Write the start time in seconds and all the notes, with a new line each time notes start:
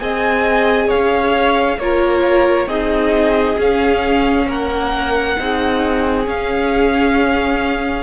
0.00 C4 G#4 D#5 G#5
0.88 C#5 F5
0.94 C#4
1.78 A#3 F4 A#4 C#5
2.67 C4 D#4 G#4 D#5
3.58 C#4 F5
4.47 A#3 A#4 F#5
5.38 C4 D#4 G#4
6.25 C#4 F5